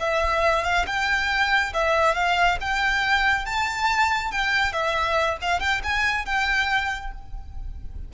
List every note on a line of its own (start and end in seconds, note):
0.00 0.64 E5
0.64 0.86 F5
0.87 1.73 G5
1.74 2.15 E5
2.15 2.58 F5
2.61 3.46 G5
3.46 4.32 A5
4.32 4.73 G5
4.73 5.38 E5
5.42 5.60 F5
5.60 5.82 G5
5.84 6.26 G#5
6.26 7.12 G5